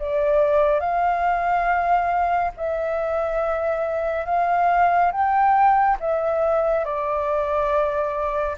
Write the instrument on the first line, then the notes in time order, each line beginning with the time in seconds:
flute
0.00 D5
0.80 F5
2.58 E5
4.26 F5
5.12 G5
6.00 E5
6.85 D5